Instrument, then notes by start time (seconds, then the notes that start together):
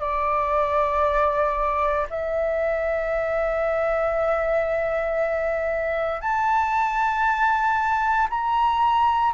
flute
0.00 D5
2.10 E5
6.22 A5
8.30 A#5